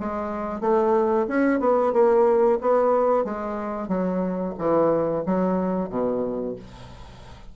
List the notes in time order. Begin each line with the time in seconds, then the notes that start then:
0.00 G#3
0.61 A3
1.28 C#4
1.60 B3
1.93 A#3
2.61 B3
3.25 G#3
3.88 F#3
4.58 E3
5.26 F#3
5.90 B2